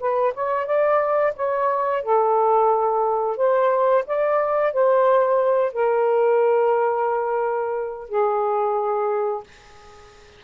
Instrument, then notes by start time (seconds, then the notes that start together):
saxophone
0.00 B4
0.34 C#5
0.66 D5
1.36 C#5
2.03 A4
3.37 C5
4.07 D5
4.73 C5
5.73 A#4
8.09 G#4